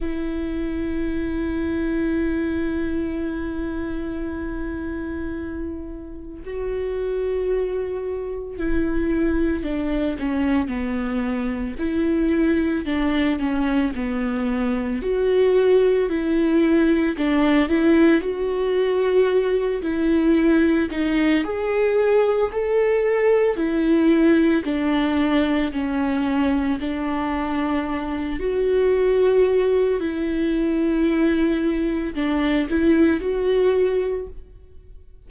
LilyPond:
\new Staff \with { instrumentName = "viola" } { \time 4/4 \tempo 4 = 56 e'1~ | e'2 fis'2 | e'4 d'8 cis'8 b4 e'4 | d'8 cis'8 b4 fis'4 e'4 |
d'8 e'8 fis'4. e'4 dis'8 | gis'4 a'4 e'4 d'4 | cis'4 d'4. fis'4. | e'2 d'8 e'8 fis'4 | }